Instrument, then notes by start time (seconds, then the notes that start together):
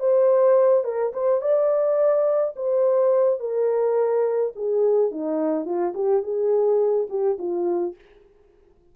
horn
0.00 C5
0.84 A#4
1.13 C5
1.42 D5
2.56 C5
3.40 A#4
4.56 G#4
5.11 D#4
5.65 F4
5.95 G4
6.23 G#4
7.10 G4
7.39 F4